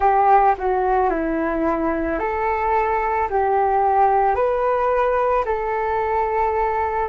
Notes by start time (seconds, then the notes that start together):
0.00 G4
0.58 F#4
1.10 E4
2.19 A4
3.30 G4
4.35 B4
5.45 A4